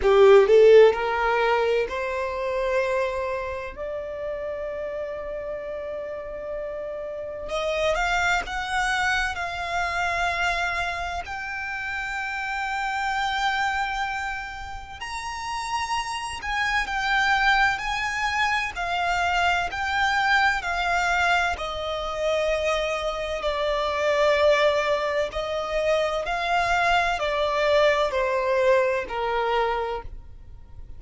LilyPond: \new Staff \with { instrumentName = "violin" } { \time 4/4 \tempo 4 = 64 g'8 a'8 ais'4 c''2 | d''1 | dis''8 f''8 fis''4 f''2 | g''1 |
ais''4. gis''8 g''4 gis''4 | f''4 g''4 f''4 dis''4~ | dis''4 d''2 dis''4 | f''4 d''4 c''4 ais'4 | }